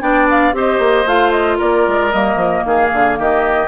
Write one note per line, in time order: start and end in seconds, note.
0.00 0.53 B3
0.00 0.52 D4
0.00 0.54 D5
0.00 0.28 G5
0.29 0.56 F5
0.52 0.78 C4
0.52 1.05 G4
0.52 1.58 C5
0.52 1.08 D#5
0.78 1.04 A#3
1.05 1.58 A3
1.05 2.12 F4
1.05 1.31 F5
1.31 1.58 D#5
1.58 1.87 A#3
1.58 2.63 A#4
1.58 2.12 D5
1.87 2.13 G#3
2.12 2.35 G3
2.12 3.68 A#3
2.12 2.64 D#5
2.35 2.61 F3
2.65 2.91 D#3
2.65 3.18 G#4
2.65 3.18 F5
2.93 3.18 D3
3.18 3.68 D#3
3.18 3.68 G4
3.18 3.68 D#5